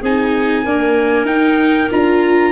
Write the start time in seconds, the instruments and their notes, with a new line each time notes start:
0.00 tuba C4, viola D#4, clarinet G#4, trumpet G#5
0.62 viola A#3, tuba D4, clarinet A#4
1.25 tuba D#4, viola D#4, trumpet G5
1.90 tuba D4, viola F4, trumpet A#5